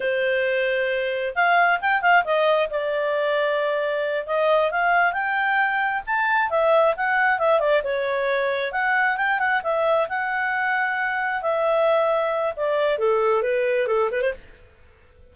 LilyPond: \new Staff \with { instrumentName = "clarinet" } { \time 4/4 \tempo 4 = 134 c''2. f''4 | g''8 f''8 dis''4 d''2~ | d''4. dis''4 f''4 g''8~ | g''4. a''4 e''4 fis''8~ |
fis''8 e''8 d''8 cis''2 fis''8~ | fis''8 g''8 fis''8 e''4 fis''4.~ | fis''4. e''2~ e''8 | d''4 a'4 b'4 a'8 b'16 c''16 | }